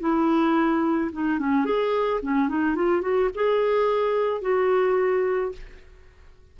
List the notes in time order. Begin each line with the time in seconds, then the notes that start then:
0.00 E4
1.12 D#4
1.39 C#4
1.65 G#4
2.22 C#4
2.49 D#4
2.76 F4
3.02 F#4
3.35 G#4
4.41 F#4